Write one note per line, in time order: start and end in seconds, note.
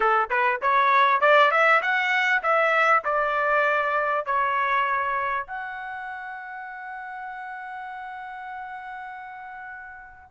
0.00 0.29 A4
0.29 0.60 B4
0.61 1.20 C#5
1.20 1.51 D5
1.51 1.81 E5
1.82 2.42 F#5
2.42 3.03 E5
3.04 4.25 D5
4.25 5.46 C#5
5.46 10.30 F#5